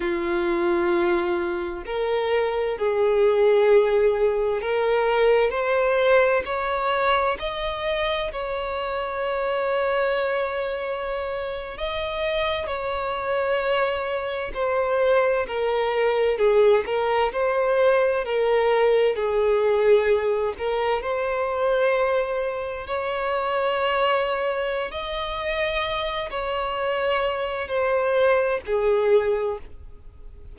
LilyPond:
\new Staff \with { instrumentName = "violin" } { \time 4/4 \tempo 4 = 65 f'2 ais'4 gis'4~ | gis'4 ais'4 c''4 cis''4 | dis''4 cis''2.~ | cis''8. dis''4 cis''2 c''16~ |
c''8. ais'4 gis'8 ais'8 c''4 ais'16~ | ais'8. gis'4. ais'8 c''4~ c''16~ | c''8. cis''2~ cis''16 dis''4~ | dis''8 cis''4. c''4 gis'4 | }